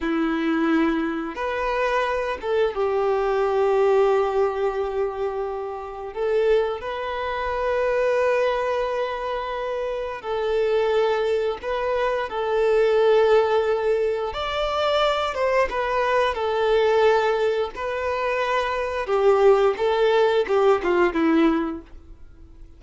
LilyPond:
\new Staff \with { instrumentName = "violin" } { \time 4/4 \tempo 4 = 88 e'2 b'4. a'8 | g'1~ | g'4 a'4 b'2~ | b'2. a'4~ |
a'4 b'4 a'2~ | a'4 d''4. c''8 b'4 | a'2 b'2 | g'4 a'4 g'8 f'8 e'4 | }